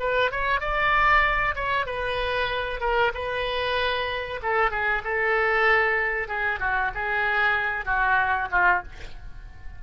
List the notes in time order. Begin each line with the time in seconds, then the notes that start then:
0.00 B4
0.32 C#5
0.61 D5
1.56 C#5
1.86 B4
2.81 A#4
3.14 B4
4.43 A4
4.71 G#4
5.05 A4
6.28 G#4
6.60 F#4
6.95 G#4
7.86 F#4
8.51 F4